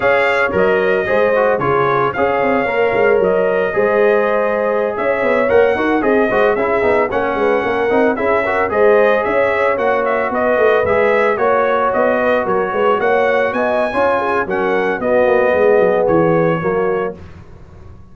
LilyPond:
<<
  \new Staff \with { instrumentName = "trumpet" } { \time 4/4 \tempo 4 = 112 f''4 dis''2 cis''4 | f''2 dis''2~ | dis''4~ dis''16 e''4 fis''4 dis''8.~ | dis''16 e''4 fis''2 e''8.~ |
e''16 dis''4 e''4 fis''8 e''8 dis''8.~ | dis''16 e''4 cis''4 dis''4 cis''8.~ | cis''16 fis''4 gis''4.~ gis''16 fis''4 | dis''2 cis''2 | }
  \new Staff \with { instrumentName = "horn" } { \time 4/4 cis''2 c''4 gis'4 | cis''2. c''4~ | c''4~ c''16 cis''4. ais'8 gis'8 c''16~ | c''16 gis'4 cis''8 b'8 ais'4 gis'8 ais'16~ |
ais'16 c''4 cis''2 b'8.~ | b'4~ b'16 cis''4. b'8 ais'8 b'16~ | b'16 cis''4 dis''8. cis''8 gis'8 ais'4 | fis'4 gis'2 fis'4 | }
  \new Staff \with { instrumentName = "trombone" } { \time 4/4 gis'4 ais'4 gis'8 fis'8 f'4 | gis'4 ais'2 gis'4~ | gis'2~ gis'16 ais'8 fis'8 gis'8 fis'16~ | fis'16 e'8 dis'8 cis'4. dis'8 e'8 fis'16~ |
fis'16 gis'2 fis'4.~ fis'16~ | fis'16 gis'4 fis'2~ fis'8.~ | fis'2 f'4 cis'4 | b2. ais4 | }
  \new Staff \with { instrumentName = "tuba" } { \time 4/4 cis'4 fis4 gis4 cis4 | cis'8 c'8 ais8 gis8 fis4 gis4~ | gis4~ gis16 cis'8 b8 ais8 dis'8 c'8 gis16~ | gis16 cis'8 b8 ais8 gis8 ais8 c'8 cis'8.~ |
cis'16 gis4 cis'4 ais4 b8 a16~ | a16 gis4 ais4 b4 fis8 gis16~ | gis16 ais4 b8. cis'4 fis4 | b8 ais8 gis8 fis8 e4 fis4 | }
>>